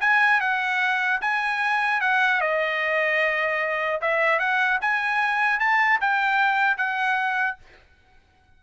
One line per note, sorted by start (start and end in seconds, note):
0.00 0.40 G#5
0.40 1.20 F#5
1.21 2.00 G#5
2.00 2.40 F#5
2.40 4.00 D#5
4.01 4.39 E5
4.39 4.79 F#5
4.81 5.59 G#5
5.59 5.99 A5
6.01 6.77 G5
6.77 7.57 F#5